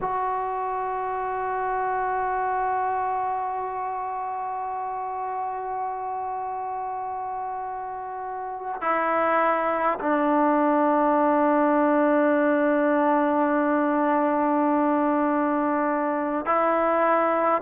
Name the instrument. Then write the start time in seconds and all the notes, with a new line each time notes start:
trombone
0.01 F#4
8.81 E4
9.99 D4
16.45 E4